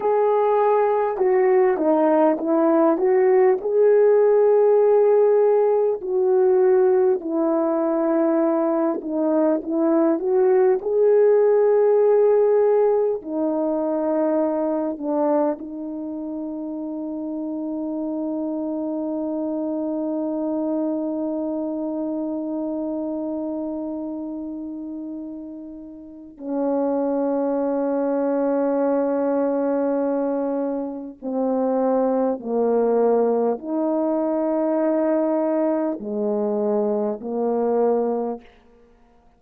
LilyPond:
\new Staff \with { instrumentName = "horn" } { \time 4/4 \tempo 4 = 50 gis'4 fis'8 dis'8 e'8 fis'8 gis'4~ | gis'4 fis'4 e'4. dis'8 | e'8 fis'8 gis'2 dis'4~ | dis'8 d'8 dis'2.~ |
dis'1~ | dis'2 cis'2~ | cis'2 c'4 ais4 | dis'2 gis4 ais4 | }